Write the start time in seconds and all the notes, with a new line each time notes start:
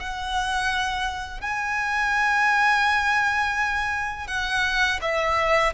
0.00 F#5
1.41 G#5
4.27 F#5
5.01 E5